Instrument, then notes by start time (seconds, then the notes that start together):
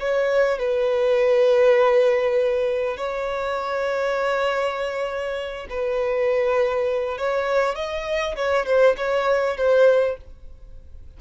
violin
0.00 C#5
0.59 B4
2.97 C#5
5.70 B4
7.18 C#5
7.75 D#5
8.36 C#5
8.66 C5
8.97 C#5
9.57 C5